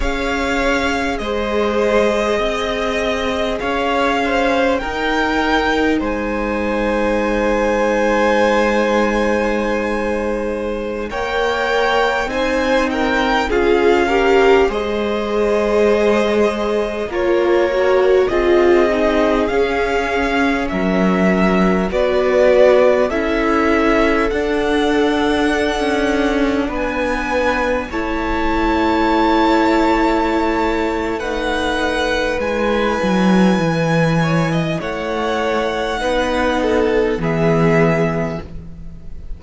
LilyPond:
<<
  \new Staff \with { instrumentName = "violin" } { \time 4/4 \tempo 4 = 50 f''4 dis''2 f''4 | g''4 gis''2.~ | gis''4~ gis''16 g''4 gis''8 g''8 f''8.~ | f''16 dis''2 cis''4 dis''8.~ |
dis''16 f''4 e''4 d''4 e''8.~ | e''16 fis''2 gis''4 a''8.~ | a''2 fis''4 gis''4~ | gis''4 fis''2 e''4 | }
  \new Staff \with { instrumentName = "violin" } { \time 4/4 cis''4 c''4 dis''4 cis''8 c''8 | ais'4 c''2.~ | c''4~ c''16 cis''4 c''8 ais'8 gis'8 ais'16~ | ais'16 c''2 ais'4 gis'8.~ |
gis'4~ gis'16 ais'4 b'4 a'8.~ | a'2~ a'16 b'4 cis''8.~ | cis''2 b'2~ | b'8 cis''16 dis''16 cis''4 b'8 a'8 gis'4 | }
  \new Staff \with { instrumentName = "viola" } { \time 4/4 gis'1 | dis'1~ | dis'4~ dis'16 ais'4 dis'4 f'8 g'16~ | g'16 gis'2 f'8 fis'8 f'8 dis'16~ |
dis'16 cis'2 fis'4 e'8.~ | e'16 d'2. e'8.~ | e'2 dis'4 e'4~ | e'2 dis'4 b4 | }
  \new Staff \with { instrumentName = "cello" } { \time 4/4 cis'4 gis4 c'4 cis'4 | dis'4 gis2.~ | gis4~ gis16 ais4 c'4 cis'8.~ | cis'16 gis2 ais4 c'8.~ |
c'16 cis'4 fis4 b4 cis'8.~ | cis'16 d'4~ d'16 cis'8. b4 a8.~ | a2. gis8 fis8 | e4 a4 b4 e4 | }
>>